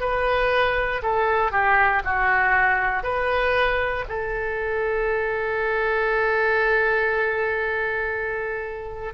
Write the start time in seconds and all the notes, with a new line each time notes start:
0.00 B4
1.02 A4
1.52 G4
2.04 F#4
3.03 B4
4.08 A4